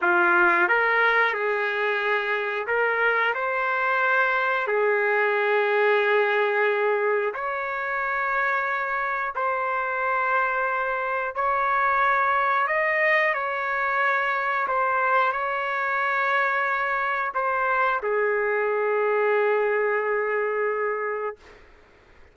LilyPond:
\new Staff \with { instrumentName = "trumpet" } { \time 4/4 \tempo 4 = 90 f'4 ais'4 gis'2 | ais'4 c''2 gis'4~ | gis'2. cis''4~ | cis''2 c''2~ |
c''4 cis''2 dis''4 | cis''2 c''4 cis''4~ | cis''2 c''4 gis'4~ | gis'1 | }